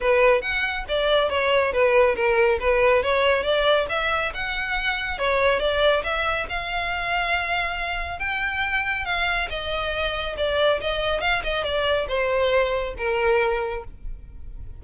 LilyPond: \new Staff \with { instrumentName = "violin" } { \time 4/4 \tempo 4 = 139 b'4 fis''4 d''4 cis''4 | b'4 ais'4 b'4 cis''4 | d''4 e''4 fis''2 | cis''4 d''4 e''4 f''4~ |
f''2. g''4~ | g''4 f''4 dis''2 | d''4 dis''4 f''8 dis''8 d''4 | c''2 ais'2 | }